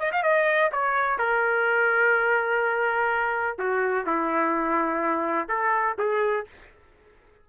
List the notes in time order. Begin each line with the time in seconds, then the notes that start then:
0.00 D#5
0.13 F5
0.23 D#5
0.72 C#5
1.19 A#4
3.59 F#4
4.07 E4
5.49 A4
5.99 G#4